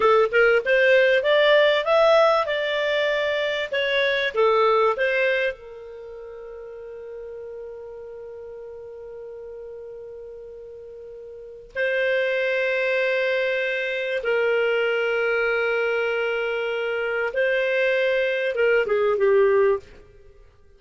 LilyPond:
\new Staff \with { instrumentName = "clarinet" } { \time 4/4 \tempo 4 = 97 a'8 ais'8 c''4 d''4 e''4 | d''2 cis''4 a'4 | c''4 ais'2.~ | ais'1~ |
ais'2. c''4~ | c''2. ais'4~ | ais'1 | c''2 ais'8 gis'8 g'4 | }